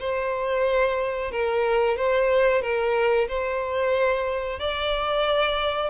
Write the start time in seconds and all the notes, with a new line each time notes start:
0.00 C5
1.32 A#4
1.97 C5
2.62 A#4
3.28 C5
4.59 D5